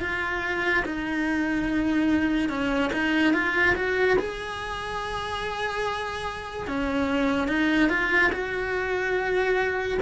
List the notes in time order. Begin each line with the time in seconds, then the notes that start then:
0.00 F4
0.86 D#4
2.49 C#4
2.93 D#4
3.33 F4
3.75 F#4
4.19 G#4
6.67 C#4
7.48 D#4
7.89 F4
8.32 F#4